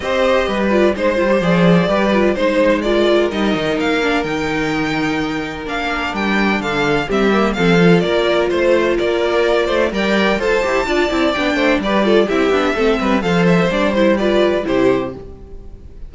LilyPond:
<<
  \new Staff \with { instrumentName = "violin" } { \time 4/4 \tempo 4 = 127 dis''4. d''8 c''4 d''4~ | d''4 c''4 d''4 dis''4 | f''4 g''2. | f''4 g''4 f''4 e''4 |
f''4 d''4 c''4 d''4~ | d''4 g''4 a''2 | g''4 d''4 e''2 | f''8 e''8 d''8 c''8 d''4 c''4 | }
  \new Staff \with { instrumentName = "violin" } { \time 4/4 c''4 b'4 c''2 | b'4 c''4 ais'2~ | ais'1~ | ais'2 a'4 g'4 |
a'4 ais'4 c''4 ais'4~ | ais'8 c''8 d''4 c''4 d''4~ | d''8 c''8 b'8 a'8 g'4 a'8 b'8 | c''2 b'4 g'4 | }
  \new Staff \with { instrumentName = "viola" } { \time 4/4 g'4. f'8 dis'8 f'16 g'16 gis'4 | g'8 f'8 dis'4 f'4 dis'4~ | dis'8 d'8 dis'2. | d'2. c'8 ais8 |
c'8 f'2.~ f'8~ | f'4 ais'4 a'8 g'8 f'8 e'8 | d'4 g'8 f'8 e'8 d'8 c'4 | a'4 d'8 e'8 f'4 e'4 | }
  \new Staff \with { instrumentName = "cello" } { \time 4/4 c'4 g4 gis8 g8 f4 | g4 gis2 g8 dis8 | ais4 dis2. | ais4 g4 d4 g4 |
f4 ais4 a4 ais4~ | ais8 a8 g4 f'8 e'8 d'8 c'8 | b8 a8 g4 c'8 b8 a8 g8 | f4 g2 c4 | }
>>